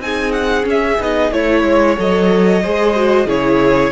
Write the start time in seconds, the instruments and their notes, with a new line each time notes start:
0.00 cello C4, viola D#4, violin G#4 G#5
0.33 violin F#5
0.64 viola C#4, cello C#4
0.70 violin E5
0.99 cello B3, viola D#4, violin D#5
1.32 cello A3, viola E4, violin C#5
1.64 cello G#3
1.98 cello F#3, viola A4, violin D#5
2.63 cello G#3, viola G#4, violin C5
2.96 viola F#4
3.26 cello C#3, viola E4, violin G#4 C#5